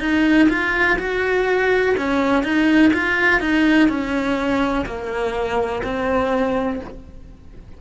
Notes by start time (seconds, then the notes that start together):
0.00 D#4
0.49 F4
0.99 F#4
1.97 C#4
2.43 D#4
2.93 F4
3.40 D#4
3.88 C#4
4.86 A#3
5.83 C4